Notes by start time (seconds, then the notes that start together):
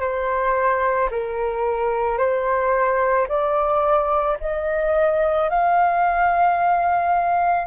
0.00 C5
1.11 A#4
2.18 C5
3.28 D5
4.40 D#5
5.49 F5